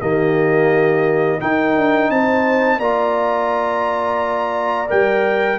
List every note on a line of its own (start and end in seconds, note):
0.00 1.41 D#3
0.00 1.40 A#3
0.00 1.40 G4
0.00 1.40 D#5
1.40 2.80 D#4
1.40 1.76 D#4
1.40 2.10 A#4
1.40 2.10 G5
1.76 2.09 D4
2.09 2.79 C4
2.09 2.78 C5
2.09 2.79 A5
2.78 4.88 A#3
2.78 4.87 F4
2.78 5.57 D5
2.78 4.88 A#5
4.87 5.58 G3
4.87 5.57 A#4
4.87 5.58 G5